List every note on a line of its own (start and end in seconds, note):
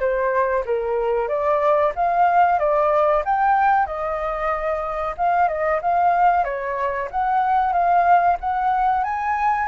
0.00 0.65 C5
0.66 1.28 A#4
1.28 1.93 D5
1.96 2.60 F5
2.60 3.24 D5
3.25 3.87 G5
3.87 5.16 D#5
5.18 5.48 F5
5.48 5.81 D#5
5.82 6.45 F5
6.45 7.09 C#5
7.11 7.73 F#5
7.73 8.38 F5
8.40 9.04 F#5
9.04 9.69 G#5